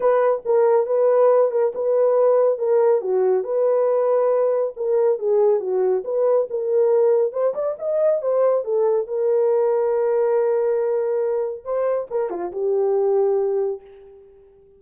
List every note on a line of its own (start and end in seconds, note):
0.00 0.42 B4
0.45 0.86 A#4
0.86 1.51 B4
1.51 1.72 A#4
1.74 2.58 B4
2.58 3.01 A#4
3.01 3.43 F#4
3.43 4.73 B4
4.76 5.18 A#4
5.18 5.59 G#4
5.59 6.03 F#4
6.04 6.47 B4
6.50 7.32 A#4
7.32 7.54 C5
7.54 7.76 D5
7.78 8.21 D#5
8.21 8.64 C5
8.64 9.07 A4
9.07 11.64 A#4
11.64 12.07 C5
12.10 12.29 A#4
12.29 12.51 F4
12.51 13.81 G4